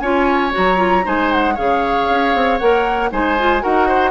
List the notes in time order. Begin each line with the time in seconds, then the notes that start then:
0.00 C#4 F4 C#5 G#5
0.52 F#3 F#4 A#5
0.77 F4
1.04 G#3 D#4 C5 G#5
1.32 F#5
1.55 C#3 G#4 C#5 F5
2.10 C#4
2.35 C4
2.59 A#3 A#4 F#5
3.12 G#3 D#4 C5 G#5
3.39 F4
3.61 D#4 F#4 A#4 F#5
3.88 C5